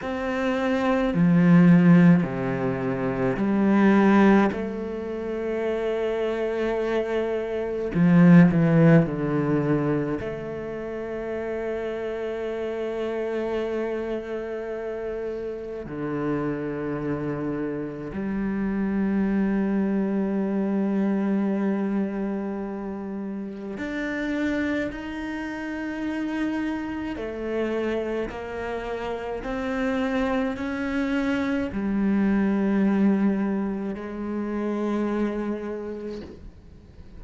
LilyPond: \new Staff \with { instrumentName = "cello" } { \time 4/4 \tempo 4 = 53 c'4 f4 c4 g4 | a2. f8 e8 | d4 a2.~ | a2 d2 |
g1~ | g4 d'4 dis'2 | a4 ais4 c'4 cis'4 | g2 gis2 | }